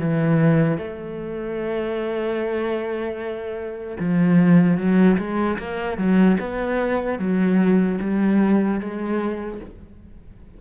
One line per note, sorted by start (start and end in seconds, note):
0.00 0.78 E3
0.78 3.98 A3
4.00 4.77 F3
4.77 5.17 F#3
5.19 5.59 G#3
5.59 5.98 A#3
5.98 6.38 F#3
6.40 7.19 B3
7.19 7.99 F#3
8.01 8.80 G3
8.80 9.60 G#3